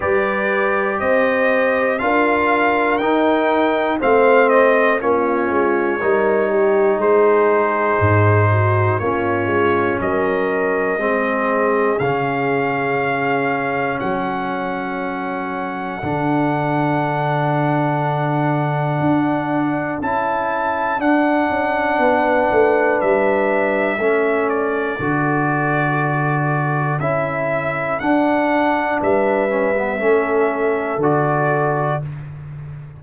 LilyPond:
<<
  \new Staff \with { instrumentName = "trumpet" } { \time 4/4 \tempo 4 = 60 d''4 dis''4 f''4 g''4 | f''8 dis''8 cis''2 c''4~ | c''4 cis''4 dis''2 | f''2 fis''2~ |
fis''1 | a''4 fis''2 e''4~ | e''8 d''2~ d''8 e''4 | fis''4 e''2 d''4 | }
  \new Staff \with { instrumentName = "horn" } { \time 4/4 b'4 c''4 ais'2 | c''4 f'4 ais'8 g'8 gis'4~ | gis'8 fis'8 f'4 ais'4 gis'4~ | gis'2 a'2~ |
a'1~ | a'2 b'2 | a'1~ | a'4 b'4 a'2 | }
  \new Staff \with { instrumentName = "trombone" } { \time 4/4 g'2 f'4 dis'4 | c'4 cis'4 dis'2~ | dis'4 cis'2 c'4 | cis'1 |
d'1 | e'4 d'2. | cis'4 fis'2 e'4 | d'4. cis'16 b16 cis'4 fis'4 | }
  \new Staff \with { instrumentName = "tuba" } { \time 4/4 g4 c'4 d'4 dis'4 | a4 ais8 gis8 g4 gis4 | gis,4 ais8 gis8 fis4 gis4 | cis2 fis2 |
d2. d'4 | cis'4 d'8 cis'8 b8 a8 g4 | a4 d2 cis'4 | d'4 g4 a4 d4 | }
>>